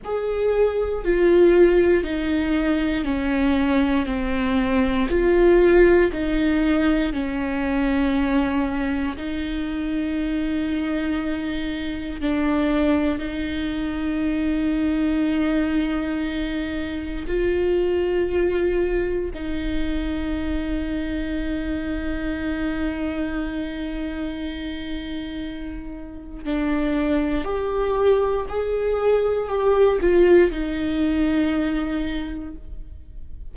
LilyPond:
\new Staff \with { instrumentName = "viola" } { \time 4/4 \tempo 4 = 59 gis'4 f'4 dis'4 cis'4 | c'4 f'4 dis'4 cis'4~ | cis'4 dis'2. | d'4 dis'2.~ |
dis'4 f'2 dis'4~ | dis'1~ | dis'2 d'4 g'4 | gis'4 g'8 f'8 dis'2 | }